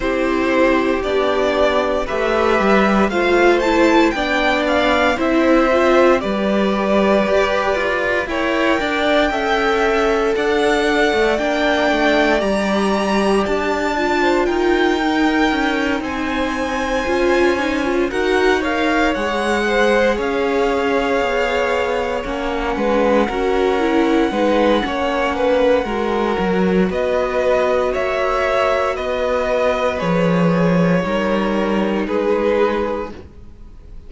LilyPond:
<<
  \new Staff \with { instrumentName = "violin" } { \time 4/4 \tempo 4 = 58 c''4 d''4 e''4 f''8 a''8 | g''8 f''8 e''4 d''2 | g''2 fis''4 g''4 | ais''4 a''4 g''4. gis''8~ |
gis''4. fis''8 f''8 fis''4 f''8~ | f''4. fis''2~ fis''8~ | fis''2 dis''4 e''4 | dis''4 cis''2 b'4 | }
  \new Staff \with { instrumentName = "violin" } { \time 4/4 g'2 b'4 c''4 | d''4 c''4 b'2 | cis''8 d''8 e''4 d''2~ | d''4.~ d''16 c''16 ais'4. c''8~ |
c''4. ais'8 cis''4 c''8 cis''8~ | cis''2 b'8 ais'4 b'8 | cis''8 b'8 ais'4 b'4 cis''4 | b'2 ais'4 gis'4 | }
  \new Staff \with { instrumentName = "viola" } { \time 4/4 e'4 d'4 g'4 f'8 e'8 | d'4 e'8 f'8 g'2 | ais'4 a'2 d'4 | g'4. f'4 dis'4.~ |
dis'8 f'8 dis'16 f'16 fis'8 ais'8 gis'4.~ | gis'4. cis'4 fis'8 e'8 dis'8 | cis'4 fis'2.~ | fis'4 gis'4 dis'2 | }
  \new Staff \with { instrumentName = "cello" } { \time 4/4 c'4 b4 a8 g8 a4 | b4 c'4 g4 g'8 f'8 | e'8 d'8 cis'4 d'8. a16 ais8 a8 | g4 d'4 dis'4 cis'8 c'8~ |
c'8 cis'4 dis'4 gis4 cis'8~ | cis'8 b4 ais8 gis8 cis'4 gis8 | ais4 gis8 fis8 b4 ais4 | b4 f4 g4 gis4 | }
>>